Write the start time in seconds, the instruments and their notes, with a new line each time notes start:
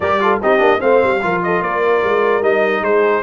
0.00 tuba G3, trombone G4, horn A#4, trumpet D5
0.20 trombone F4, horn A4
0.41 tuba C4, trombone D#4, horn G4, trumpet D#5
0.58 tuba A#3, trombone D4
0.79 tuba A3, trombone C4, horn C5, trumpet F5
1.03 tuba G3
1.22 tuba F3, trombone F4, horn A#4
1.43 horn A4, trumpet D#5
1.61 tuba A#3, horn A#4, trumpet D5
2.03 tuba G#3
2.41 tuba G3, trombone D#4, trumpet D#5
2.81 tuba G#3, horn G#4, trumpet C5